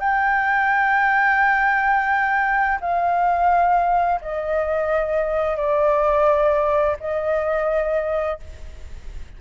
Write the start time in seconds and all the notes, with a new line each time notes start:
0.00 G5
2.81 F5
4.21 D#5
5.57 D5
7.00 D#5